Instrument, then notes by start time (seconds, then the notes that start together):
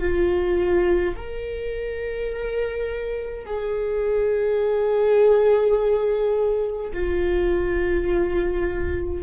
viola
0.00 F4
1.16 A#4
3.46 G#4
6.93 F4